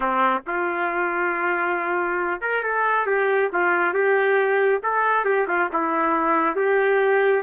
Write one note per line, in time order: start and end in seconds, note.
0.00 0.41 C4
0.46 2.41 F4
2.41 2.63 A#4
2.63 3.06 A4
3.06 3.50 G4
3.52 3.93 F4
3.93 4.81 G4
4.82 5.25 A4
5.25 5.46 G4
5.47 5.69 F4
5.72 6.55 E4
6.55 7.43 G4